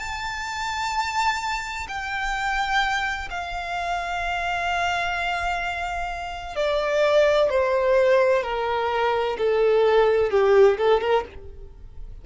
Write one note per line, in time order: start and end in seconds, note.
0.00 1.87 A5
1.88 3.29 G5
3.31 6.56 F5
6.56 7.50 D5
7.50 8.44 C5
8.44 9.37 A#4
9.38 10.31 A4
10.31 10.78 G4
10.79 11.02 A4
11.02 11.25 A#4